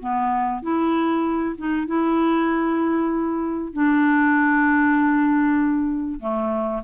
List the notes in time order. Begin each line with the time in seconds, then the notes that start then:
0.00 B3
0.62 E4
1.58 D#4
1.87 E4
3.73 D4
6.21 A3